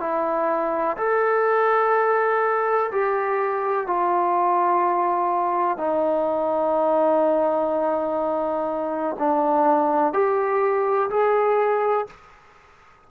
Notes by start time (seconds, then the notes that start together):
0.00 E4
0.97 A4
2.92 G4
3.87 F4
5.78 D#4
9.19 D4
10.13 G4
11.10 G#4